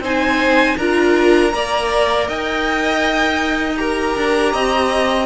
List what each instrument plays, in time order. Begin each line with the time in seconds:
0.00 cello C4, viola D#4, violin C5 G#5
0.77 cello D4, viola F4, violin A#4 A#5
1.51 cello A#3, viola A#4, violin D5
2.28 cello D#4, violin D#5 G5
3.77 viola G4, violin A#4 A#5
4.16 cello D4
4.53 cello C4, violin D#5